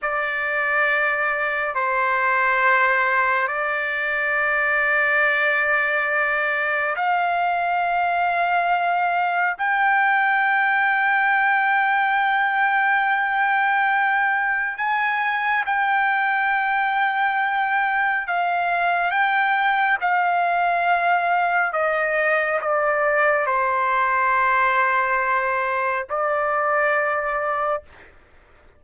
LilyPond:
\new Staff \with { instrumentName = "trumpet" } { \time 4/4 \tempo 4 = 69 d''2 c''2 | d''1 | f''2. g''4~ | g''1~ |
g''4 gis''4 g''2~ | g''4 f''4 g''4 f''4~ | f''4 dis''4 d''4 c''4~ | c''2 d''2 | }